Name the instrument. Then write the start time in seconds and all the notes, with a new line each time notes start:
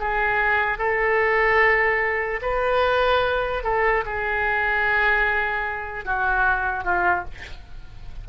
oboe
0.00 G#4
0.78 A4
2.42 B4
3.63 A4
4.05 G#4
6.05 F#4
6.84 F4